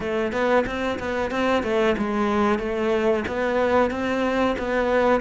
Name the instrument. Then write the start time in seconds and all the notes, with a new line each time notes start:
cello
0.00 A3
0.32 B3
0.66 C4
0.99 B3
1.30 C4
1.63 A3
1.97 G#3
2.58 A3
3.27 B3
3.90 C4
4.58 B3